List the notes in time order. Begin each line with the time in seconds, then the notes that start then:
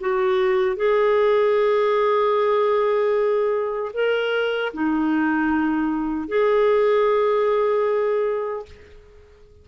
0.00 F#4
0.76 G#4
3.93 A#4
4.73 D#4
6.28 G#4